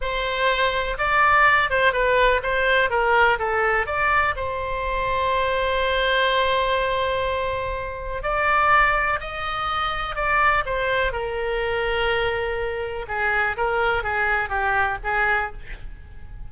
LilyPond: \new Staff \with { instrumentName = "oboe" } { \time 4/4 \tempo 4 = 124 c''2 d''4. c''8 | b'4 c''4 ais'4 a'4 | d''4 c''2.~ | c''1~ |
c''4 d''2 dis''4~ | dis''4 d''4 c''4 ais'4~ | ais'2. gis'4 | ais'4 gis'4 g'4 gis'4 | }